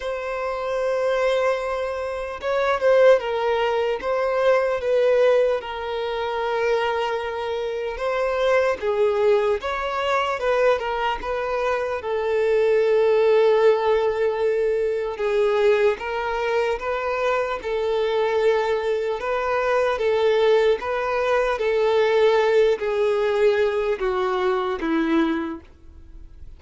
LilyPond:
\new Staff \with { instrumentName = "violin" } { \time 4/4 \tempo 4 = 75 c''2. cis''8 c''8 | ais'4 c''4 b'4 ais'4~ | ais'2 c''4 gis'4 | cis''4 b'8 ais'8 b'4 a'4~ |
a'2. gis'4 | ais'4 b'4 a'2 | b'4 a'4 b'4 a'4~ | a'8 gis'4. fis'4 e'4 | }